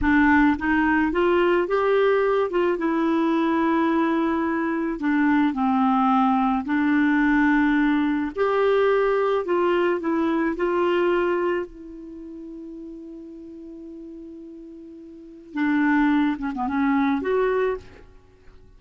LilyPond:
\new Staff \with { instrumentName = "clarinet" } { \time 4/4 \tempo 4 = 108 d'4 dis'4 f'4 g'4~ | g'8 f'8 e'2.~ | e'4 d'4 c'2 | d'2. g'4~ |
g'4 f'4 e'4 f'4~ | f'4 e'2.~ | e'1 | d'4. cis'16 b16 cis'4 fis'4 | }